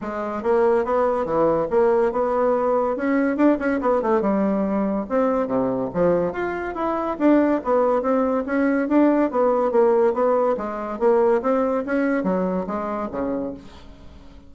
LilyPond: \new Staff \with { instrumentName = "bassoon" } { \time 4/4 \tempo 4 = 142 gis4 ais4 b4 e4 | ais4 b2 cis'4 | d'8 cis'8 b8 a8 g2 | c'4 c4 f4 f'4 |
e'4 d'4 b4 c'4 | cis'4 d'4 b4 ais4 | b4 gis4 ais4 c'4 | cis'4 fis4 gis4 cis4 | }